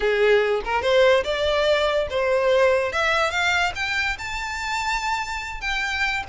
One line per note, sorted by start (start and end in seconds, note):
0.00 0.61 G#4
0.65 0.82 A#4
0.82 1.23 C5
1.24 2.07 D5
2.09 2.92 C5
2.92 3.30 E5
3.30 3.72 F5
3.75 4.17 G5
4.18 5.60 A5
5.60 6.23 G5